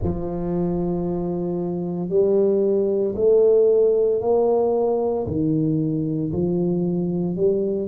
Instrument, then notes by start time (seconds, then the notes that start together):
tuba
0.02 F3
2.09 G3
3.15 A3
4.21 A#3
5.26 D#3
6.32 F3
7.35 G3